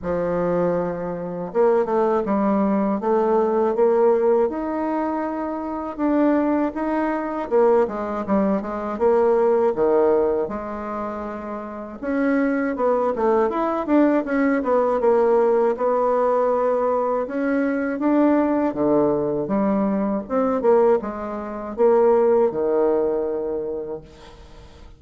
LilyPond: \new Staff \with { instrumentName = "bassoon" } { \time 4/4 \tempo 4 = 80 f2 ais8 a8 g4 | a4 ais4 dis'2 | d'4 dis'4 ais8 gis8 g8 gis8 | ais4 dis4 gis2 |
cis'4 b8 a8 e'8 d'8 cis'8 b8 | ais4 b2 cis'4 | d'4 d4 g4 c'8 ais8 | gis4 ais4 dis2 | }